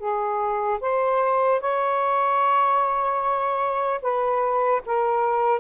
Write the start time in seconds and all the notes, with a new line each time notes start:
0.00 G#4
0.81 C5
1.61 C#5
4.02 B4
4.86 A#4